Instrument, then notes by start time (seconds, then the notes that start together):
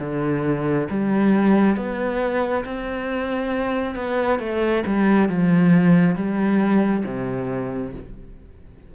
cello
0.00 D3
0.90 G3
1.76 B3
2.65 C4
3.95 B3
4.40 A3
4.86 G3
5.29 F3
6.16 G3
7.05 C3